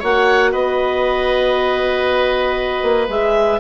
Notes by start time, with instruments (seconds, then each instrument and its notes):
0.00 bassoon A#3, horn F#4, oboe C#5, clarinet F#5
0.52 bassoon B3, oboe B4, clarinet D#5
2.83 bassoon A#3
3.09 bassoon G#3, horn G#4, clarinet E5